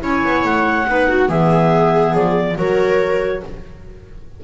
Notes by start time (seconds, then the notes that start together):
0.00 C#4 E4 C#5 G#5
0.24 B3
0.44 A3 F#5
0.87 B3 D#4 B4
1.09 F#4
1.29 E3 B3 G#4 E5
2.14 F3 D5
2.56 F#3 F#4 A#4 C#5